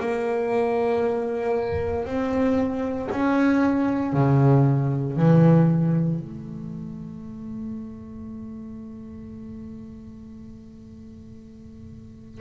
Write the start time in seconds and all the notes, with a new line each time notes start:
0.00 A#3
2.06 C4
3.11 C#4
4.13 C#3
5.17 E3
6.20 A3